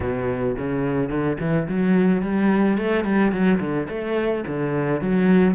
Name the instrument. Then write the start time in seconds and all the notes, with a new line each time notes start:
cello
0.00 B2
0.57 C#3
1.09 D3
1.39 E3
1.68 F#3
2.22 G3
2.77 A3
3.04 G3
3.32 F#3
3.60 D3
3.89 A3
4.47 D3
5.01 F#3